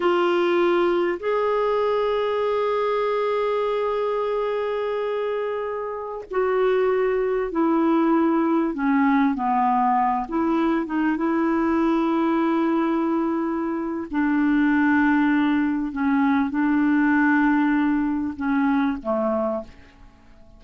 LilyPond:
\new Staff \with { instrumentName = "clarinet" } { \time 4/4 \tempo 4 = 98 f'2 gis'2~ | gis'1~ | gis'2~ gis'16 fis'4.~ fis'16~ | fis'16 e'2 cis'4 b8.~ |
b8. e'4 dis'8 e'4.~ e'16~ | e'2. d'4~ | d'2 cis'4 d'4~ | d'2 cis'4 a4 | }